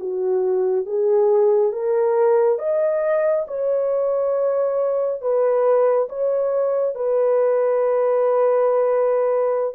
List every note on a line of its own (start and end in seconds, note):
0.00 0.86 F#4
0.86 1.72 G#4
1.72 2.58 A#4
2.58 3.45 D#5
3.47 5.21 C#5
5.21 6.08 B4
6.09 6.95 C#5
6.95 9.74 B4